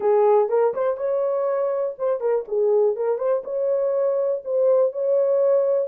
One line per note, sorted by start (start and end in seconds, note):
0.00 0.49 G#4
0.49 0.73 A#4
0.74 0.97 C5
0.97 1.95 C#5
1.98 2.20 C5
2.20 2.45 A#4
2.47 2.96 G#4
2.96 3.17 A#4
3.17 3.42 C5
3.44 4.42 C#5
4.44 4.92 C5
4.92 5.88 C#5